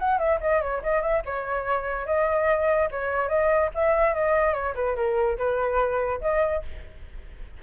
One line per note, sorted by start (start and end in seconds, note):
0.00 0.19 F#5
0.19 0.40 E5
0.41 0.62 D#5
0.62 0.83 C#5
0.83 1.02 D#5
1.02 1.23 E5
1.26 2.07 C#5
2.07 2.89 D#5
2.92 3.29 C#5
3.29 3.70 D#5
3.75 4.15 E5
4.15 4.54 D#5
4.54 4.75 C#5
4.75 4.96 B4
4.97 5.38 A#4
5.38 6.21 B4
6.22 6.63 D#5